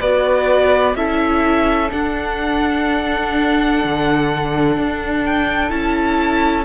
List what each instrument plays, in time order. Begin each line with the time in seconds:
0.00 cello B3, viola F#4, flute B4, violin D5
0.95 cello C#4, viola E4, flute A4, violin E5
1.90 viola D4, cello D4, violin F#5
3.84 cello D3
4.77 cello D4
5.25 violin G5
5.69 cello C#4, viola E4, violin A5